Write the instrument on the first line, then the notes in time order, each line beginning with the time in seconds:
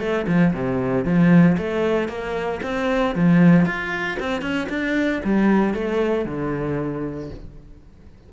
cello
0.00 A3
0.27 F3
0.54 C3
1.05 F3
1.58 A3
2.08 A#3
2.63 C4
3.16 F3
3.66 F4
4.20 C4
4.42 C#4
4.69 D4
5.24 G3
5.74 A3
6.25 D3